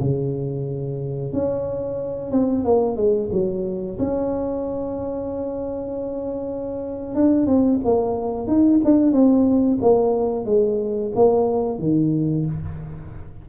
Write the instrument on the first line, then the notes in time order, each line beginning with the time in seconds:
tuba
0.00 C#3
1.33 C#4
2.31 C4
2.65 A#3
2.96 G#3
3.32 F#3
3.99 C#4
7.15 D4
7.46 C4
7.85 A#3
8.47 D#4
8.85 D4
9.12 C4
9.82 A#3
10.45 G#3
11.15 A#3
11.79 D#3